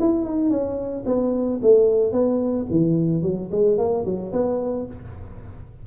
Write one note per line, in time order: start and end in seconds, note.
0.00 0.25 E4
0.25 0.50 D#4
0.50 1.04 C#4
1.06 1.60 B3
1.62 2.12 A3
2.12 2.66 B3
2.70 3.22 E3
3.22 3.49 F#3
3.52 3.78 G#3
3.78 4.05 A#3
4.05 4.32 F#3
4.32 4.86 B3